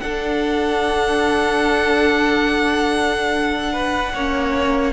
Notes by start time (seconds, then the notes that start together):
0.00 D4 A4 F#5
3.73 B4
4.14 A#3 C#4 C#5